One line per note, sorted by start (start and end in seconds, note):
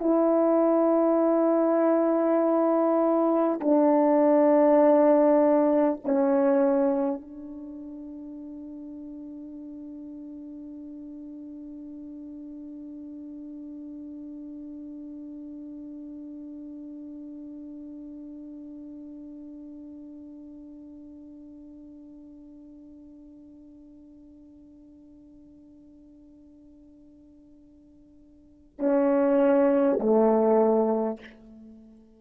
0.00 3.60 E4
3.61 6.01 D4
6.04 7.22 C#4
7.22 28.79 D4
28.79 29.99 C#4
29.99 31.19 A3